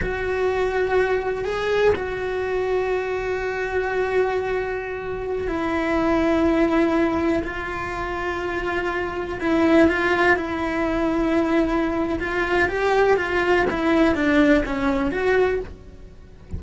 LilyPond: \new Staff \with { instrumentName = "cello" } { \time 4/4 \tempo 4 = 123 fis'2. gis'4 | fis'1~ | fis'2.~ fis'16 e'8.~ | e'2.~ e'16 f'8.~ |
f'2.~ f'16 e'8.~ | e'16 f'4 e'2~ e'8.~ | e'4 f'4 g'4 f'4 | e'4 d'4 cis'4 fis'4 | }